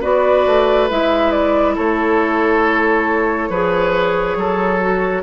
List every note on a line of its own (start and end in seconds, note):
0.00 0.46 B3
0.00 0.88 F#4
0.00 1.74 B4
0.00 0.88 D5
0.46 0.89 A3
0.90 1.77 G#3
0.90 3.51 E4
0.90 1.31 E5
1.31 1.74 D5
1.75 3.49 A3
1.75 3.49 A4
1.75 5.22 C#5
3.49 4.36 F3
3.49 4.80 G#4
3.49 4.37 B4
4.36 5.22 F#3
4.36 5.22 A4
4.80 5.22 F#4